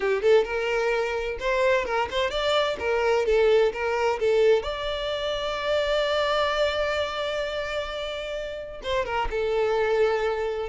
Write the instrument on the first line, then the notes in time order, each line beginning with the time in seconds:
violin
0.00 G4
0.22 A4
0.44 A#4
1.39 C5
1.85 A#4
2.10 C5
2.30 D5
2.79 A#4
3.25 A4
3.72 A#4
4.19 A4
4.62 D5
8.83 C5
9.05 A#4
9.30 A4